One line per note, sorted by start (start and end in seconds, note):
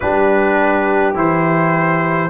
0.00 1.14 G3
0.00 1.14 D4
0.00 2.30 G4
0.00 1.15 B4
1.14 2.30 E3
1.14 2.29 E4
1.14 2.30 C5